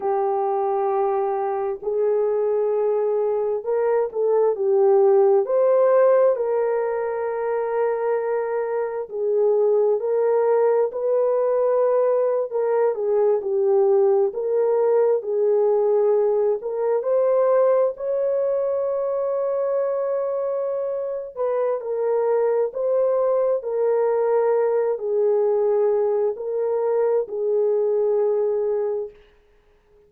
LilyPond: \new Staff \with { instrumentName = "horn" } { \time 4/4 \tempo 4 = 66 g'2 gis'2 | ais'8 a'8 g'4 c''4 ais'4~ | ais'2 gis'4 ais'4 | b'4.~ b'16 ais'8 gis'8 g'4 ais'16~ |
ais'8. gis'4. ais'8 c''4 cis''16~ | cis''2.~ cis''8 b'8 | ais'4 c''4 ais'4. gis'8~ | gis'4 ais'4 gis'2 | }